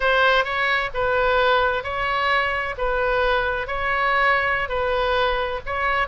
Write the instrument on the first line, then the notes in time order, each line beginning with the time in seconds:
oboe
0.00 C5
0.44 C#5
0.93 B4
1.83 C#5
2.77 B4
3.67 C#5
4.68 B4
5.65 C#5